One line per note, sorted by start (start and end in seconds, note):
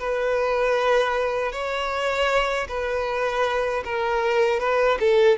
0.00 1.52 B4
1.52 2.68 C#5
2.69 3.84 B4
3.85 4.60 A#4
4.60 4.99 B4
5.00 5.38 A4